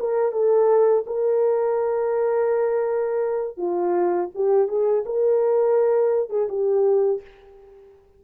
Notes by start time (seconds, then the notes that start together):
0.00 A#4
0.33 A4
1.07 A#4
3.57 F4
4.35 G4
4.68 G#4
5.06 A#4
6.30 G#4
6.49 G4